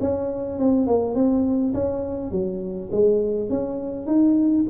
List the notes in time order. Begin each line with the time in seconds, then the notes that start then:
0.00 C#4
0.58 C4
0.86 A#3
1.14 C4
1.74 C#4
2.31 F#3
2.91 G#3
3.49 C#4
4.06 D#4